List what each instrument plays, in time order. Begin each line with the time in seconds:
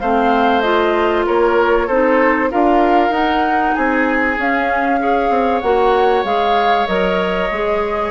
0.00 bassoon A3, clarinet C4, oboe C5, flute F5
0.61 clarinet F4, flute D#5
1.27 bassoon A#3, oboe A#4, flute C#5
1.87 bassoon C4, clarinet D#4, oboe A4, flute C5
2.51 bassoon D4, clarinet F4, oboe A#4, flute F5
3.10 bassoon D#4, clarinet D#4, flute F#5
3.75 bassoon C4, oboe G#4, flute G#5
4.38 bassoon C#4, clarinet C#4, flute F5
5.00 clarinet G#4, oboe C#5
5.30 bassoon C4
5.61 bassoon A#3, clarinet F#4, flute F#5
6.24 bassoon G#3, clarinet G#4, flute F5
6.87 bassoon F#3, clarinet A#4, flute D#5
7.51 bassoon G#3, clarinet G#4